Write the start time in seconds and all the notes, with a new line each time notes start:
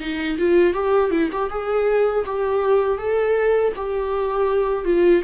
0.00 D#4
0.39 F4
0.74 G4
1.11 E4
1.32 G4
1.50 G#4
2.26 G4
2.98 A4
3.76 G4
4.85 F4